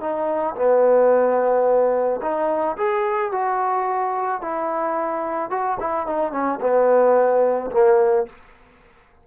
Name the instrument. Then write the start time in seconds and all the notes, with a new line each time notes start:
trombone
0.00 D#4
0.55 B3
2.21 D#4
2.77 G#4
3.32 F#4
4.41 E4
5.50 F#4
5.80 E4
6.06 D#4
6.32 C#4
6.61 B3
7.71 A#3